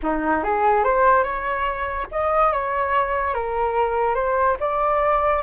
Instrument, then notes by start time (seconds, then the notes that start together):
flute
0.02 D#4
0.43 G#4
0.84 C5
1.23 C#5
2.11 D#5
2.52 C#5
3.34 A#4
4.15 C5
4.59 D5